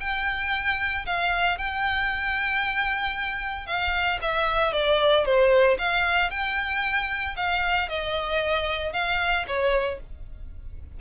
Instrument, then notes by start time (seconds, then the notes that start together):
violin
0.00 G5
1.06 F5
1.58 G5
3.67 F5
4.22 E5
4.73 D5
5.25 C5
5.78 F5
6.30 G5
7.36 F5
7.89 D#5
8.93 F5
9.47 C#5